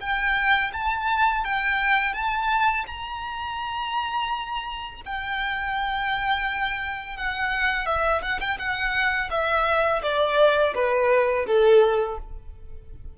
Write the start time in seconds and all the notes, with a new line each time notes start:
0.00 G5
0.73 A5
1.44 G5
2.14 A5
2.87 A#5
5.06 G5
7.17 F#5
7.86 E5
8.22 F#5
8.40 G5
8.58 F#5
9.30 E5
10.02 D5
10.75 B4
11.46 A4